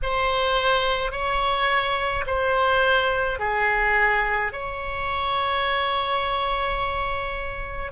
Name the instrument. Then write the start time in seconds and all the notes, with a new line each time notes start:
oboe
0.02 C5
1.11 C#5
2.26 C5
3.39 G#4
4.52 C#5